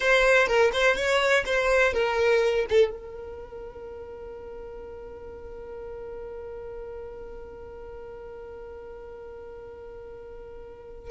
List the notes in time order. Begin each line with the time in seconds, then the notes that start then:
0.00 C5
0.47 A#4
0.73 C5
0.96 C#5
1.45 C5
1.93 A#4
2.69 A4
2.90 A#4